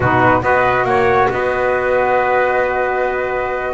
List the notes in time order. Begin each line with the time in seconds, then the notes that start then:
0.00 B2 D#4 F#4 B4
0.41 B3 F#4 B4 D#5
0.84 A#3 C#5 F#5
1.28 B3 B4 D#5